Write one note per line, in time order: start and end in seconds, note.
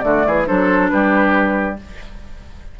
0.00 0.25 D3
0.00 0.46 A3
0.00 0.26 F#4
0.00 0.43 D5
0.26 0.48 E3
0.26 0.47 G#4
0.46 0.92 F#3
0.46 1.76 D4
0.46 0.90 A4
0.46 0.89 C5
0.89 1.79 G3
0.89 1.80 G4
0.89 1.76 B4